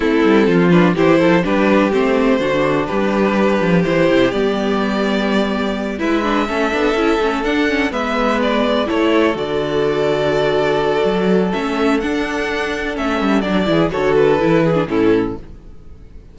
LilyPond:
<<
  \new Staff \with { instrumentName = "violin" } { \time 4/4 \tempo 4 = 125 a'4. b'8 c''4 b'4 | c''2 b'2 | c''4 d''2.~ | d''8 e''2. fis''8~ |
fis''8 e''4 d''4 cis''4 d''8~ | d''1 | e''4 fis''2 e''4 | d''4 cis''8 b'4. a'4 | }
  \new Staff \with { instrumentName = "violin" } { \time 4/4 e'4 f'4 g'8 a'8 g'4~ | g'4 fis'4 g'2~ | g'1~ | g'8 b'4 a'2~ a'8~ |
a'8 b'2 a'4.~ | a'1~ | a'1~ | a'8 gis'8 a'4. gis'8 e'4 | }
  \new Staff \with { instrumentName = "viola" } { \time 4/4 c'4. d'8 e'4 d'4 | c'4 d'2. | e'4 b2.~ | b8 e'8 d'8 cis'8 d'8 e'8 cis'8 d'8 |
cis'8 b2 e'4 fis'8~ | fis'1 | cis'4 d'2 cis'4 | d'8 e'8 fis'4 e'8. d'16 cis'4 | }
  \new Staff \with { instrumentName = "cello" } { \time 4/4 a8 g8 f4 e8 f8 g4 | a4 d4 g4. f8 | e8 c8 g2.~ | g8 gis4 a8 b8 cis'8 a8 d'8~ |
d'8 gis2 a4 d8~ | d2. fis4 | a4 d'2 a8 g8 | fis8 e8 d4 e4 a,4 | }
>>